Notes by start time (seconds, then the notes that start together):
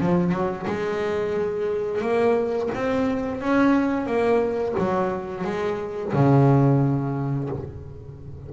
0.00 F3
0.32 F#3
0.67 G#3
2.01 A#3
2.74 C4
3.41 C#4
4.06 A#3
4.79 F#3
5.44 G#3
6.13 C#3